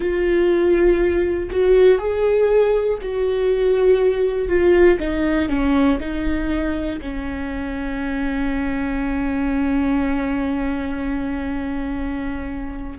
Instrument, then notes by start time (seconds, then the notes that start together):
viola
0.00 F4
1.50 F#4
1.98 G#4
3.01 F#4
4.48 F4
4.99 D#4
5.48 C#4
6.00 D#4
7.00 C#4